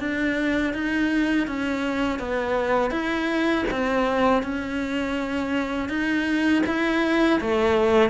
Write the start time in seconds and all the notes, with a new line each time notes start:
0.00 D4
0.74 D#4
1.47 C#4
2.20 B3
2.91 E4
3.71 C4
4.43 C#4
5.89 D#4
6.67 E4
7.41 A3